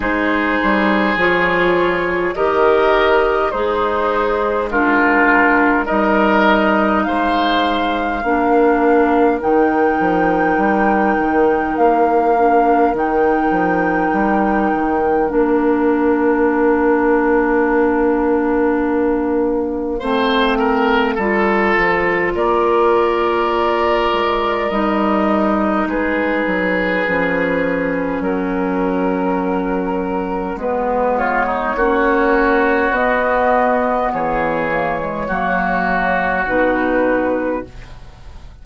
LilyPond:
<<
  \new Staff \with { instrumentName = "flute" } { \time 4/4 \tempo 4 = 51 c''4 cis''4 dis''4 c''4 | ais'4 dis''4 f''2 | g''2 f''4 g''4~ | g''4 f''2.~ |
f''2. d''4~ | d''4 dis''4 b'2 | ais'2 b'8 cis''4. | dis''4 cis''2 b'4 | }
  \new Staff \with { instrumentName = "oboe" } { \time 4/4 gis'2 ais'4 dis'4 | f'4 ais'4 c''4 ais'4~ | ais'1~ | ais'1~ |
ais'4 c''8 ais'8 a'4 ais'4~ | ais'2 gis'2 | fis'2~ fis'8 f'16 dis'16 fis'4~ | fis'4 gis'4 fis'2 | }
  \new Staff \with { instrumentName = "clarinet" } { \time 4/4 dis'4 f'4 g'4 gis'4 | d'4 dis'2 d'4 | dis'2~ dis'8 d'8 dis'4~ | dis'4 d'2.~ |
d'4 c'4 f'2~ | f'4 dis'2 cis'4~ | cis'2 b4 cis'4 | b4. ais16 gis16 ais4 dis'4 | }
  \new Staff \with { instrumentName = "bassoon" } { \time 4/4 gis8 g8 f4 dis4 gis4~ | gis4 g4 gis4 ais4 | dis8 f8 g8 dis8 ais4 dis8 f8 | g8 dis8 ais2.~ |
ais4 a4 g8 f8 ais4~ | ais8 gis8 g4 gis8 fis8 f4 | fis2 gis4 ais4 | b4 e4 fis4 b,4 | }
>>